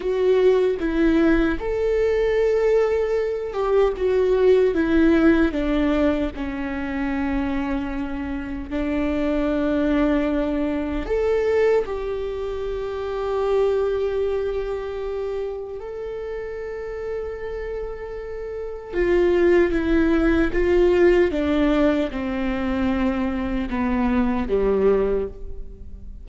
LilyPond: \new Staff \with { instrumentName = "viola" } { \time 4/4 \tempo 4 = 76 fis'4 e'4 a'2~ | a'8 g'8 fis'4 e'4 d'4 | cis'2. d'4~ | d'2 a'4 g'4~ |
g'1 | a'1 | f'4 e'4 f'4 d'4 | c'2 b4 g4 | }